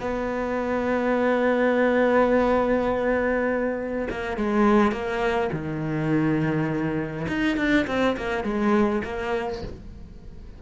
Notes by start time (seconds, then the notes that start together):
0.00 B3
4.10 A#3
4.37 G#3
4.92 A#3
5.52 D#3
7.28 D#4
7.57 D4
7.87 C4
8.17 A#3
8.43 G#3
9.04 A#3